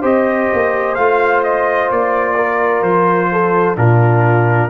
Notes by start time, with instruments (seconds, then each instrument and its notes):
0.00 tuba C4, trombone G4, horn C5, trumpet D#5
0.53 tuba A#3
0.95 tuba A3, trombone F4, trumpet F5
1.43 trumpet D#5
1.90 tuba A#3, trumpet D5
2.35 horn A#4
2.82 tuba F3, trumpet C5
3.32 horn A4
3.76 tuba A#2, trombone D4, horn F4, trumpet A#4